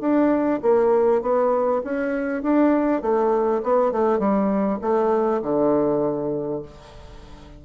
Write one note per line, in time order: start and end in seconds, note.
0.00 0.60 D4
0.62 1.22 A#3
1.22 1.82 B3
1.84 2.43 C#4
2.43 3.02 D4
3.02 3.62 A3
3.63 3.92 B3
3.92 4.19 A3
4.19 4.79 G3
4.81 5.41 A3
5.42 6.62 D3